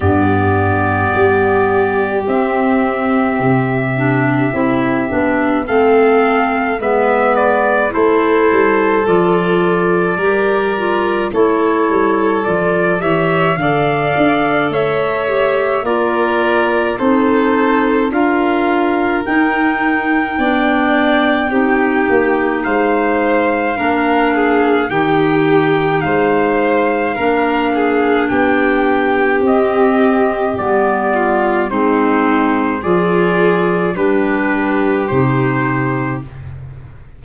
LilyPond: <<
  \new Staff \with { instrumentName = "trumpet" } { \time 4/4 \tempo 4 = 53 d''2 e''2~ | e''4 f''4 e''8 d''8 c''4 | d''2 cis''4 d''8 e''8 | f''4 e''4 d''4 c''4 |
f''4 g''2. | f''2 g''4 f''4~ | f''4 g''4 dis''4 d''4 | c''4 d''4 b'4 c''4 | }
  \new Staff \with { instrumentName = "violin" } { \time 4/4 g'1~ | g'4 a'4 b'4 a'4~ | a'4 ais'4 a'4. cis''8 | d''4 cis''4 ais'4 a'4 |
ais'2 d''4 g'4 | c''4 ais'8 gis'8 g'4 c''4 | ais'8 gis'8 g'2~ g'8 f'8 | dis'4 gis'4 g'2 | }
  \new Staff \with { instrumentName = "clarinet" } { \time 4/4 b2 c'4. d'8 | e'8 d'8 c'4 b4 e'4 | f'4 g'8 f'8 e'4 f'8 g'8 | a'4. g'8 f'4 dis'4 |
f'4 dis'4 d'4 dis'4~ | dis'4 d'4 dis'2 | d'2 c'4 b4 | c'4 f'4 d'4 dis'4 | }
  \new Staff \with { instrumentName = "tuba" } { \time 4/4 g,4 g4 c'4 c4 | c'8 b8 a4 gis4 a8 g8 | f4 g4 a8 g8 f8 e8 | d8 d'8 a4 ais4 c'4 |
d'4 dis'4 b4 c'8 ais8 | gis4 ais4 dis4 gis4 | ais4 b4 c'4 g4 | gis4 f4 g4 c4 | }
>>